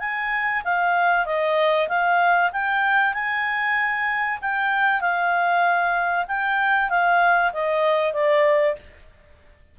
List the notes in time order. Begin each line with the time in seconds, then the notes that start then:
0.00 G#5
0.65 F5
1.26 D#5
1.89 F5
2.53 G5
3.14 G#5
4.42 G5
5.01 F5
6.28 G5
6.90 F5
7.53 D#5
8.13 D5